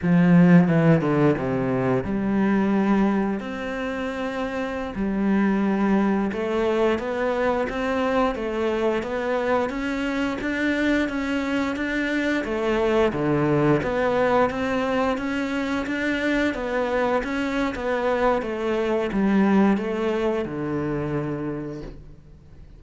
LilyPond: \new Staff \with { instrumentName = "cello" } { \time 4/4 \tempo 4 = 88 f4 e8 d8 c4 g4~ | g4 c'2~ c'16 g8.~ | g4~ g16 a4 b4 c'8.~ | c'16 a4 b4 cis'4 d'8.~ |
d'16 cis'4 d'4 a4 d8.~ | d16 b4 c'4 cis'4 d'8.~ | d'16 b4 cis'8. b4 a4 | g4 a4 d2 | }